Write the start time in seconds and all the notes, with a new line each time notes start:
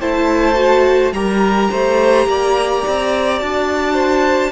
0.00 A3 E4 C5 A5
0.55 F#4
1.12 G3 G4 A#4 A#5
1.71 A3 C5
2.26 A#3 D5
2.87 C4
3.39 D4 F#4 A5
3.93 C5